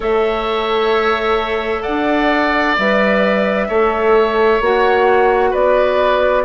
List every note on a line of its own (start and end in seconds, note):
0.00 1.84 A3
0.00 2.77 A4
0.00 1.82 C#5
0.00 1.82 E5
1.82 2.78 D4
1.82 3.67 D5
1.82 2.74 F#5
2.78 3.68 G3
2.78 3.70 B4
2.78 4.62 E5
3.68 4.60 A3
3.68 4.62 A4
3.68 5.50 C#5
4.60 5.52 A#3
4.60 6.45 F#4
4.60 5.53 F#5
5.50 6.45 B3
5.50 6.42 B4
5.50 6.45 D5